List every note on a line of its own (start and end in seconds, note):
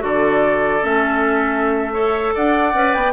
0.00 0.82 D3
0.00 0.81 F#4
0.00 1.93 A4
0.00 0.83 D5
0.82 2.35 A3
0.82 1.93 C#4
0.82 2.34 E5
1.93 2.74 A4
1.93 2.34 C#5
2.34 2.74 D4
2.34 3.13 D5
2.34 2.93 F#5
2.74 2.94 C#4
2.74 3.13 B4
2.93 3.13 B3
2.93 3.13 G5